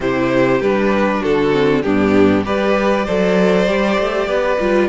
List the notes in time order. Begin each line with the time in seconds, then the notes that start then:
0.00 C3 E4 G4 C5
0.60 G3 D4 B4
1.20 D3 F#4 A4
1.51 C4
1.82 G2 B3 D4 G4
2.44 G3 G4 B4 D5
3.05 F#3 A4 C5
3.66 G3 G4
3.98 A3
4.27 B3 B4
4.59 G3 F4